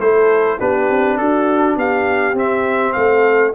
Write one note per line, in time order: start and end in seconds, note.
0.00 0.59 A3
0.00 0.59 E4
0.00 0.59 A4
0.00 0.59 C5
0.59 0.89 B3
0.59 2.36 D4
0.59 1.18 G4
0.59 1.18 B4
0.89 1.19 C4
1.18 1.76 D4
1.18 1.77 F#4
1.18 1.76 A4
1.76 2.34 B3
1.76 2.95 G4
1.76 2.38 F5
2.34 2.93 C4
2.34 3.53 C4
2.34 2.93 E5
2.93 3.55 A3
2.93 3.54 A4
2.93 3.52 F5